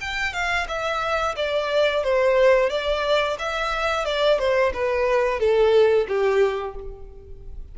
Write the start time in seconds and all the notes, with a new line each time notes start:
0.00 G5
0.33 F5
0.68 E5
1.36 D5
2.03 C5
2.69 D5
3.38 E5
4.05 D5
4.38 C5
4.73 B4
5.39 A4
6.08 G4